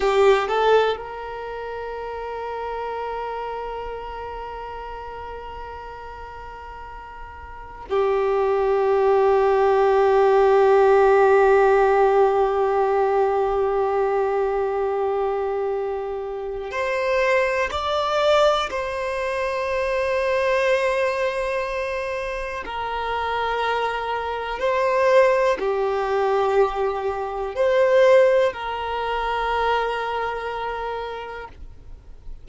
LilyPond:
\new Staff \with { instrumentName = "violin" } { \time 4/4 \tempo 4 = 61 g'8 a'8 ais'2.~ | ais'1 | g'1~ | g'1~ |
g'4 c''4 d''4 c''4~ | c''2. ais'4~ | ais'4 c''4 g'2 | c''4 ais'2. | }